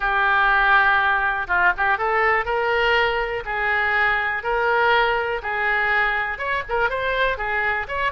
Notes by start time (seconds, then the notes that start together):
0.00 G4
1.47 F4
1.77 G4
1.98 A4
2.45 A#4
3.45 G#4
4.43 A#4
5.42 G#4
6.38 C#5
6.68 A#4
6.89 C5
7.37 G#4
7.88 C#5